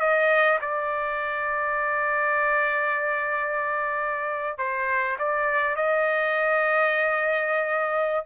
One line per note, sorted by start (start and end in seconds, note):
0.00 0.59 D#5
0.61 4.58 D5
4.58 5.17 C5
5.19 5.76 D5
5.76 8.26 D#5